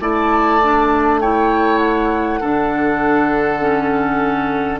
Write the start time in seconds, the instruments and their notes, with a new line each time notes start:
0.00 bassoon A3, clarinet E4, oboe D5, flute A5
0.63 clarinet D4
1.21 clarinet E4, oboe C#5, flute G5
1.79 flute F#5
2.40 bassoon D3, clarinet D4, oboe A4
3.60 clarinet C#4